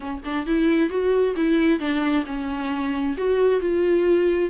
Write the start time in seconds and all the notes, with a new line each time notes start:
0.00 C#4
0.25 D4
0.46 E4
0.89 F#4
1.35 E4
1.79 D4
2.26 C#4
3.17 F#4
3.60 F4